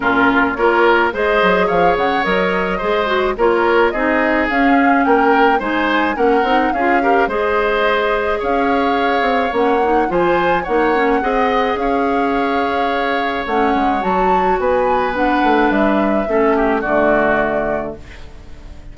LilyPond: <<
  \new Staff \with { instrumentName = "flute" } { \time 4/4 \tempo 4 = 107 ais'4 cis''4 dis''4 f''8 fis''8 | dis''2 cis''4 dis''4 | f''4 g''4 gis''4 fis''4 | f''4 dis''2 f''4~ |
f''4 fis''4 gis''4 fis''4~ | fis''4 f''2. | fis''4 a''4 gis''4 fis''4 | e''2 d''2 | }
  \new Staff \with { instrumentName = "oboe" } { \time 4/4 f'4 ais'4 c''4 cis''4~ | cis''4 c''4 ais'4 gis'4~ | gis'4 ais'4 c''4 ais'4 | gis'8 ais'8 c''2 cis''4~ |
cis''2 c''4 cis''4 | dis''4 cis''2.~ | cis''2 b'2~ | b'4 a'8 g'8 fis'2 | }
  \new Staff \with { instrumentName = "clarinet" } { \time 4/4 cis'4 f'4 gis'2 | ais'4 gis'8 fis'8 f'4 dis'4 | cis'2 dis'4 cis'8 dis'8 | f'8 g'8 gis'2.~ |
gis'4 cis'8 dis'8 f'4 dis'8 cis'8 | gis'1 | cis'4 fis'2 d'4~ | d'4 cis'4 a2 | }
  \new Staff \with { instrumentName = "bassoon" } { \time 4/4 ais,4 ais4 gis8 fis8 f8 cis8 | fis4 gis4 ais4 c'4 | cis'4 ais4 gis4 ais8 c'8 | cis'4 gis2 cis'4~ |
cis'8 c'8 ais4 f4 ais4 | c'4 cis'2. | a8 gis8 fis4 b4. a8 | g4 a4 d2 | }
>>